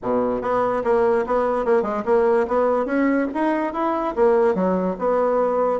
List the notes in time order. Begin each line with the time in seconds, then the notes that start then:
0.02 B2
0.41 B3
0.84 A#3
1.26 B3
1.65 A#3
1.82 G#3
2.05 A#3
2.47 B3
2.85 C#4
3.33 D#4
3.73 E4
4.15 A#3
4.54 F#3
4.98 B3